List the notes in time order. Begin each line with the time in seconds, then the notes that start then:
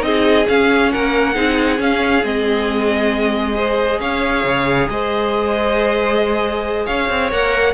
0.00 C4 D#4 G#4 D#5
0.47 C#4 F5
0.91 A#3 A#4 F#5
1.34 C4 D#4 G#4
1.77 C#4 F5
2.23 G#3 C4 D#5
3.54 G#4 C5
3.99 C#4 C#5 F5
4.44 C#3
4.89 G#3 C5 D#5
6.86 C#4 C#5 F5
7.09 C4
7.31 A#3 A#4 F#5